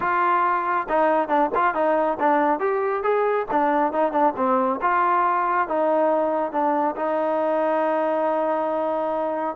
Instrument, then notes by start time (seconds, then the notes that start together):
trombone
0.00 F4
0.89 D#4
1.28 D4
1.55 F4
1.74 D#4
2.19 D4
2.59 G4
3.03 G#4
3.51 D4
3.92 D#4
4.11 D4
4.36 C4
4.81 F4
5.68 D#4
6.51 D4
6.95 D#4